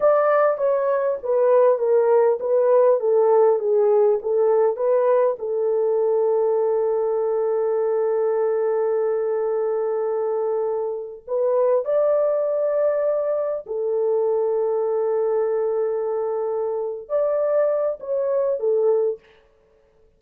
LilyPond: \new Staff \with { instrumentName = "horn" } { \time 4/4 \tempo 4 = 100 d''4 cis''4 b'4 ais'4 | b'4 a'4 gis'4 a'4 | b'4 a'2.~ | a'1~ |
a'2~ a'8. b'4 d''16~ | d''2~ d''8. a'4~ a'16~ | a'1~ | a'8 d''4. cis''4 a'4 | }